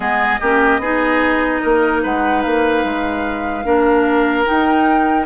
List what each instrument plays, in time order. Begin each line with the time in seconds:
0.00 bassoon G#3, clarinet B3, oboe G#4, flute D#5
0.40 bassoon A#3, clarinet C#4, oboe G4
0.79 bassoon B3, clarinet D#4, oboe G#4
1.62 bassoon A#3, oboe A#4
2.03 bassoon G#3, oboe B4, flute F#5
2.42 bassoon A#3, flute F5
2.84 bassoon G#3
3.64 bassoon A#3, clarinet D4, oboe A#4
4.45 clarinet D#4, bassoon D#4, flute G5